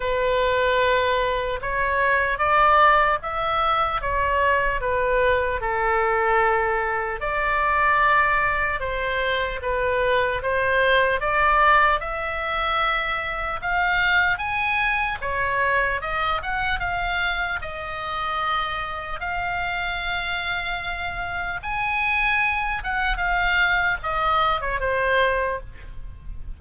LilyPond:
\new Staff \with { instrumentName = "oboe" } { \time 4/4 \tempo 4 = 75 b'2 cis''4 d''4 | e''4 cis''4 b'4 a'4~ | a'4 d''2 c''4 | b'4 c''4 d''4 e''4~ |
e''4 f''4 gis''4 cis''4 | dis''8 fis''8 f''4 dis''2 | f''2. gis''4~ | gis''8 fis''8 f''4 dis''8. cis''16 c''4 | }